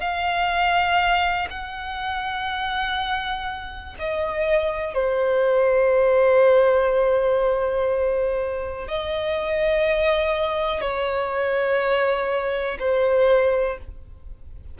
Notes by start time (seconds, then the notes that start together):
0.00 F5
1.50 F#5
3.99 D#5
4.94 C5
8.88 D#5
10.81 C#5
12.80 C5